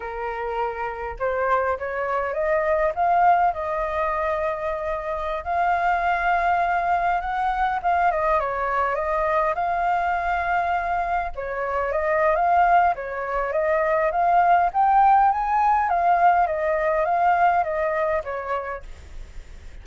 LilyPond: \new Staff \with { instrumentName = "flute" } { \time 4/4 \tempo 4 = 102 ais'2 c''4 cis''4 | dis''4 f''4 dis''2~ | dis''4~ dis''16 f''2~ f''8.~ | f''16 fis''4 f''8 dis''8 cis''4 dis''8.~ |
dis''16 f''2. cis''8.~ | cis''16 dis''8. f''4 cis''4 dis''4 | f''4 g''4 gis''4 f''4 | dis''4 f''4 dis''4 cis''4 | }